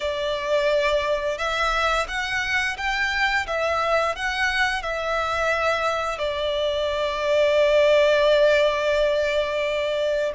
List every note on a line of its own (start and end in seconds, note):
0.00 1.38 D5
1.38 2.07 E5
2.08 2.76 F#5
2.77 3.46 G5
3.47 4.15 E5
4.15 4.82 F#5
4.82 6.18 E5
6.18 10.32 D5